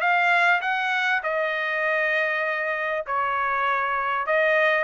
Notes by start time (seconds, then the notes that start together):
0.00 F5
0.61 F#5
1.23 D#5
3.06 C#5
4.26 D#5